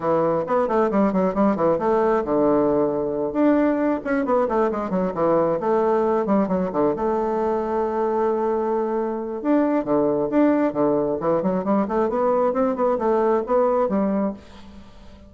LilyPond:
\new Staff \with { instrumentName = "bassoon" } { \time 4/4 \tempo 4 = 134 e4 b8 a8 g8 fis8 g8 e8 | a4 d2~ d8 d'8~ | d'4 cis'8 b8 a8 gis8 fis8 e8~ | e8 a4. g8 fis8 d8 a8~ |
a1~ | a4 d'4 d4 d'4 | d4 e8 fis8 g8 a8 b4 | c'8 b8 a4 b4 g4 | }